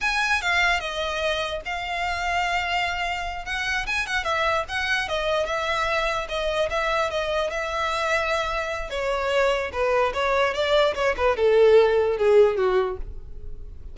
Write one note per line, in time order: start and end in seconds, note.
0.01 0.41 G#5
0.41 0.80 F5
0.80 1.61 D#5
1.65 3.45 F5
3.45 3.86 F#5
3.86 4.06 G#5
4.06 4.24 F#5
4.24 4.64 E5
4.68 5.08 F#5
5.08 5.46 D#5
5.46 6.27 E5
6.28 6.69 D#5
6.69 7.10 E5
7.10 7.50 D#5
7.50 8.90 E5
8.90 9.71 C#5
9.72 10.12 B4
10.13 10.54 C#5
10.54 10.94 D5
10.94 11.15 C#5
11.16 11.36 B4
11.36 12.17 A4
12.17 12.56 G#4
12.56 12.97 F#4